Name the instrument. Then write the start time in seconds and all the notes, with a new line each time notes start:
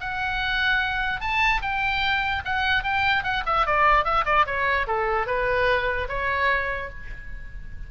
oboe
0.00 F#5
1.21 A5
1.61 G5
2.45 F#5
2.83 G5
3.23 F#5
3.46 E5
3.66 D5
4.04 E5
4.25 D5
4.46 C#5
4.87 A4
5.26 B4
6.08 C#5